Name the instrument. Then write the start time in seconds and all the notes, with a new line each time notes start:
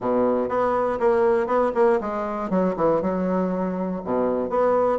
bassoon
0.00 B2
0.48 B3
0.99 A#3
1.46 B3
1.74 A#3
2.00 G#3
2.50 F#3
2.76 E3
3.01 F#3
4.04 B2
4.49 B3